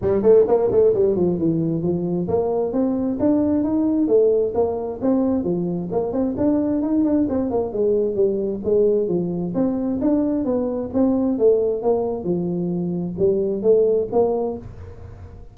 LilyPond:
\new Staff \with { instrumentName = "tuba" } { \time 4/4 \tempo 4 = 132 g8 a8 ais8 a8 g8 f8 e4 | f4 ais4 c'4 d'4 | dis'4 a4 ais4 c'4 | f4 ais8 c'8 d'4 dis'8 d'8 |
c'8 ais8 gis4 g4 gis4 | f4 c'4 d'4 b4 | c'4 a4 ais4 f4~ | f4 g4 a4 ais4 | }